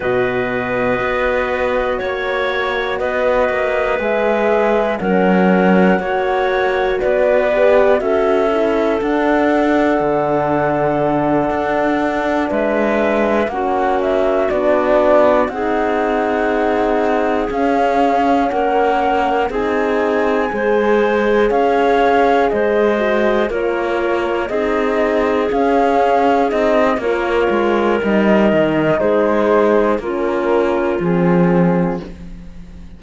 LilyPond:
<<
  \new Staff \with { instrumentName = "flute" } { \time 4/4 \tempo 4 = 60 dis''2 cis''4 dis''4 | e''4 fis''2 d''4 | e''4 fis''2.~ | fis''8 e''4 fis''8 e''8 d''4 fis''8~ |
fis''4. f''4 fis''4 gis''8~ | gis''4. f''4 dis''4 cis''8~ | cis''8 dis''4 f''4 dis''8 cis''4 | dis''4 c''4 ais'4 gis'4 | }
  \new Staff \with { instrumentName = "clarinet" } { \time 4/4 b'2 cis''4 b'4~ | b'4 ais'4 cis''4 b'4 | a'1~ | a'8 b'4 fis'2 gis'8~ |
gis'2~ gis'8 ais'4 gis'8~ | gis'8 c''4 cis''4 c''4 ais'8~ | ais'8 gis'2~ gis'8 ais'4~ | ais'4 gis'4 f'2 | }
  \new Staff \with { instrumentName = "horn" } { \time 4/4 fis'1 | gis'4 cis'4 fis'4. g'8 | fis'8 e'8 d'2.~ | d'4. cis'4 d'4 dis'8~ |
dis'4. cis'2 dis'8~ | dis'8 gis'2~ gis'8 fis'8 f'8~ | f'8 dis'4 cis'4 dis'8 f'4 | dis'2 cis'4 c'4 | }
  \new Staff \with { instrumentName = "cello" } { \time 4/4 b,4 b4 ais4 b8 ais8 | gis4 fis4 ais4 b4 | cis'4 d'4 d4. d'8~ | d'8 gis4 ais4 b4 c'8~ |
c'4. cis'4 ais4 c'8~ | c'8 gis4 cis'4 gis4 ais8~ | ais8 c'4 cis'4 c'8 ais8 gis8 | g8 dis8 gis4 ais4 f4 | }
>>